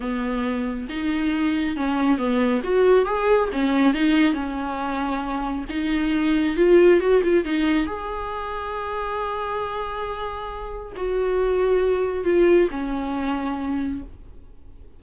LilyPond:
\new Staff \with { instrumentName = "viola" } { \time 4/4 \tempo 4 = 137 b2 dis'2 | cis'4 b4 fis'4 gis'4 | cis'4 dis'4 cis'2~ | cis'4 dis'2 f'4 |
fis'8 f'8 dis'4 gis'2~ | gis'1~ | gis'4 fis'2. | f'4 cis'2. | }